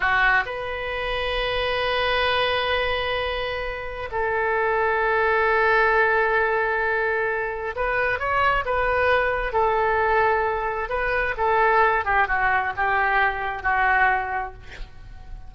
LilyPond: \new Staff \with { instrumentName = "oboe" } { \time 4/4 \tempo 4 = 132 fis'4 b'2.~ | b'1~ | b'4 a'2.~ | a'1~ |
a'4 b'4 cis''4 b'4~ | b'4 a'2. | b'4 a'4. g'8 fis'4 | g'2 fis'2 | }